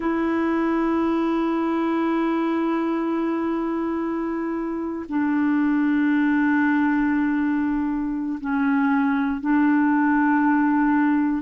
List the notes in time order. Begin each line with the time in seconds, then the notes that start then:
0.00 E4
5.08 D4
8.40 C#4
9.40 D4